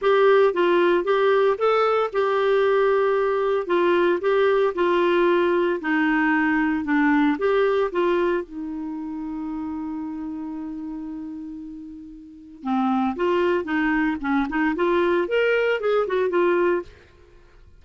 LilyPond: \new Staff \with { instrumentName = "clarinet" } { \time 4/4 \tempo 4 = 114 g'4 f'4 g'4 a'4 | g'2. f'4 | g'4 f'2 dis'4~ | dis'4 d'4 g'4 f'4 |
dis'1~ | dis'1 | c'4 f'4 dis'4 cis'8 dis'8 | f'4 ais'4 gis'8 fis'8 f'4 | }